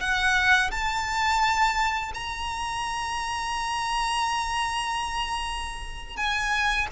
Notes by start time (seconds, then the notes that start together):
0.00 F#5
0.71 A5
2.14 A#5
6.16 G#5